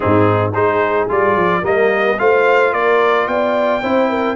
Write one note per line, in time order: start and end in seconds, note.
0.00 0.55 G#2
0.00 0.52 C4
0.00 0.53 D#4
0.00 0.51 G#4
0.53 1.09 G#3
0.53 1.09 D#4
0.53 1.60 G#4
0.53 1.08 C5
1.09 1.35 G3
1.09 1.63 F4
1.09 1.65 D5
1.35 1.62 F3
1.60 2.17 G3
1.60 2.17 A#3
1.60 2.15 A#4
1.60 2.19 D#5
2.18 2.72 A3
2.18 3.82 F4
2.18 2.73 C5
2.18 2.73 F5
2.72 3.27 A#3
2.72 3.27 A#4
2.72 3.27 D5
3.27 3.81 B3
3.27 3.82 D5
3.27 4.35 G5
3.82 4.35 C4
3.82 4.35 E4
3.82 4.08 C5
4.08 4.35 A#4